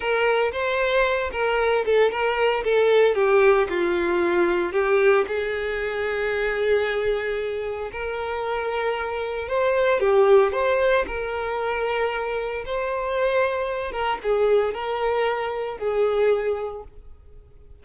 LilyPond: \new Staff \with { instrumentName = "violin" } { \time 4/4 \tempo 4 = 114 ais'4 c''4. ais'4 a'8 | ais'4 a'4 g'4 f'4~ | f'4 g'4 gis'2~ | gis'2. ais'4~ |
ais'2 c''4 g'4 | c''4 ais'2. | c''2~ c''8 ais'8 gis'4 | ais'2 gis'2 | }